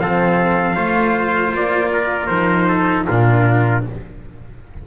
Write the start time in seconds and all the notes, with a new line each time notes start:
0.00 F3 C4 A4 F5
0.76 A3 F4 C5
1.54 A#3 D5
1.93 A#4
2.27 F3 D#4 C5
2.69 A4
3.08 A#2 D4 F4 A#4